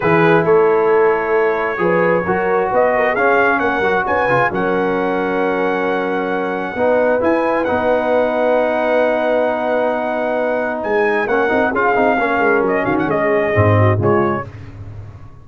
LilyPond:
<<
  \new Staff \with { instrumentName = "trumpet" } { \time 4/4 \tempo 4 = 133 b'4 cis''2.~ | cis''2 dis''4 f''4 | fis''4 gis''4 fis''2~ | fis''1 |
gis''4 fis''2.~ | fis''1 | gis''4 fis''4 f''2 | dis''8 f''16 fis''16 dis''2 cis''4 | }
  \new Staff \with { instrumentName = "horn" } { \time 4/4 gis'4 a'2. | b'4 ais'4 b'8 ais'8 gis'4 | ais'4 b'4 ais'2~ | ais'2. b'4~ |
b'1~ | b'1~ | b'4 ais'4 gis'4 ais'4~ | ais'8 fis'8 gis'4. fis'8 f'4 | }
  \new Staff \with { instrumentName = "trombone" } { \time 4/4 e'1 | gis'4 fis'2 cis'4~ | cis'8 fis'4 f'8 cis'2~ | cis'2. dis'4 |
e'4 dis'2.~ | dis'1~ | dis'4 cis'8 dis'8 f'8 dis'8 cis'4~ | cis'2 c'4 gis4 | }
  \new Staff \with { instrumentName = "tuba" } { \time 4/4 e4 a2. | f4 fis4 b4 cis'4 | ais8 fis8 cis'8 cis8 fis2~ | fis2. b4 |
e'4 b2.~ | b1 | gis4 ais8 c'8 cis'8 c'8 ais8 gis8 | fis8 dis8 gis4 gis,4 cis4 | }
>>